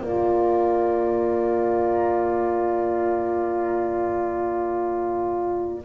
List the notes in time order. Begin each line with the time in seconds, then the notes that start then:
0.00 A#3 F4 D5 A#5